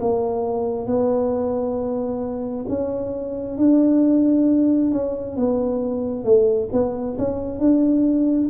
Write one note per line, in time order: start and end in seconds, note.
0.00 0.86 A#3
0.86 2.65 B3
2.68 3.57 C#4
3.57 4.91 D4
4.91 5.36 C#4
5.36 6.24 B3
6.24 6.68 A3
6.72 7.17 B3
7.18 7.59 C#4
7.59 8.48 D4